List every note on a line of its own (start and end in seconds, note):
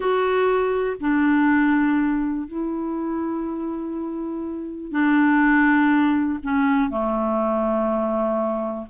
0.00 0.96 F#4
1.00 2.47 D4
2.47 4.91 E4
4.91 6.39 D4
6.43 6.89 C#4
6.89 8.86 A3